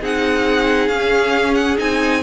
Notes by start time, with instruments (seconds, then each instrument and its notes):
0.00 cello C4, viola D#4, violin G#4 F#5
0.88 cello C#4, viola C#4, violin F5
1.54 violin F#5
1.77 cello C4, viola D#4, violin G#5